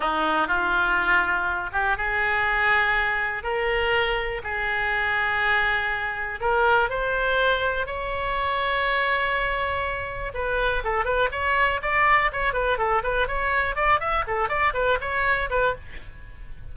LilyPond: \new Staff \with { instrumentName = "oboe" } { \time 4/4 \tempo 4 = 122 dis'4 f'2~ f'8 g'8 | gis'2. ais'4~ | ais'4 gis'2.~ | gis'4 ais'4 c''2 |
cis''1~ | cis''4 b'4 a'8 b'8 cis''4 | d''4 cis''8 b'8 a'8 b'8 cis''4 | d''8 e''8 a'8 d''8 b'8 cis''4 b'8 | }